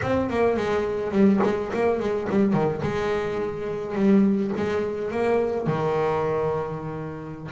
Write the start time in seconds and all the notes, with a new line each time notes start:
0.02 C4
0.29 A#3
0.56 G#3
1.11 G3
1.43 G#3
1.73 A#3
1.99 G#3
2.29 G3
2.53 D#3
2.82 G#3
3.95 G3
4.56 G#3
5.11 A#3
5.66 D#3